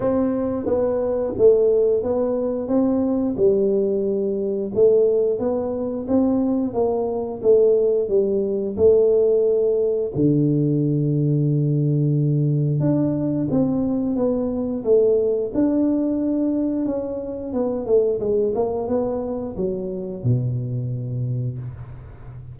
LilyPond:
\new Staff \with { instrumentName = "tuba" } { \time 4/4 \tempo 4 = 89 c'4 b4 a4 b4 | c'4 g2 a4 | b4 c'4 ais4 a4 | g4 a2 d4~ |
d2. d'4 | c'4 b4 a4 d'4~ | d'4 cis'4 b8 a8 gis8 ais8 | b4 fis4 b,2 | }